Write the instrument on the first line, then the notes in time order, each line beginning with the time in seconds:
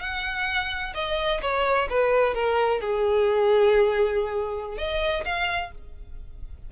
violin
0.00 F#5
0.94 D#5
1.41 C#5
1.89 B4
2.34 A#4
2.80 G#4
4.77 D#5
5.25 F5